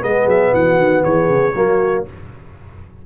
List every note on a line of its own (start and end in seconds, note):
0.00 0.26 G#3
0.00 1.51 B3
0.00 0.53 G#4
0.00 0.28 D#5
0.26 0.51 F#3
0.26 0.54 E5
0.53 0.78 E3
0.53 1.03 F#4
0.53 1.03 F#5
0.78 1.03 D#3
1.03 1.29 E3
1.03 1.55 G#4
1.03 2.04 C#5
1.29 1.54 C#3
1.55 2.05 F#3
1.55 2.05 A#3
1.55 2.05 F#4